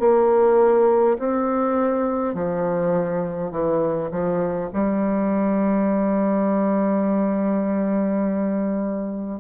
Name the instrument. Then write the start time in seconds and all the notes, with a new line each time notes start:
bassoon
0.00 A#3
1.19 C4
2.35 F3
3.52 E3
4.12 F3
4.74 G3